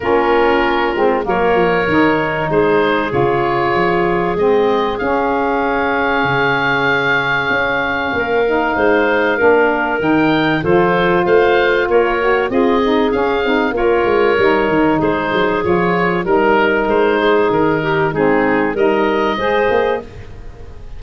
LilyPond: <<
  \new Staff \with { instrumentName = "oboe" } { \time 4/4 \tempo 4 = 96 ais'2 cis''2 | c''4 cis''2 dis''4 | f''1~ | f''1 |
g''4 c''4 f''4 cis''4 | dis''4 f''4 cis''2 | c''4 cis''4 ais'4 c''4 | ais'4 gis'4 dis''2 | }
  \new Staff \with { instrumentName = "clarinet" } { \time 4/4 f'2 ais'2 | gis'1~ | gis'1~ | gis'4 ais'4 c''4 ais'4~ |
ais'4 a'4 c''4 ais'4 | gis'2 ais'2 | gis'2 ais'4. gis'8~ | gis'8 g'8 dis'4 ais'4 c''4 | }
  \new Staff \with { instrumentName = "saxophone" } { \time 4/4 cis'4. c'8 ais4 dis'4~ | dis'4 f'2 c'4 | cis'1~ | cis'4. dis'4. d'4 |
dis'4 f'2~ f'8 fis'8 | f'8 dis'8 cis'8 dis'8 f'4 dis'4~ | dis'4 f'4 dis'2~ | dis'4 c'4 dis'4 gis'4 | }
  \new Staff \with { instrumentName = "tuba" } { \time 4/4 ais4. gis8 fis8 f8 dis4 | gis4 cis4 f4 gis4 | cis'2 cis2 | cis'4 ais4 gis4 ais4 |
dis4 f4 a4 ais4 | c'4 cis'8 c'8 ais8 gis8 g8 dis8 | gis8 fis8 f4 g4 gis4 | dis4 gis4 g4 gis8 ais8 | }
>>